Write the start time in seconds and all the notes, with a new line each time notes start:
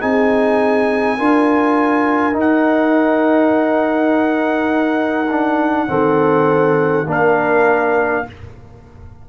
0.00 C4 D#4 G#4 G#5
1.18 D4 F4 A#4
2.33 D#4
2.40 F#5
5.31 D4
5.87 D#3 C4 A4
7.06 A#3 D4 A#4 F5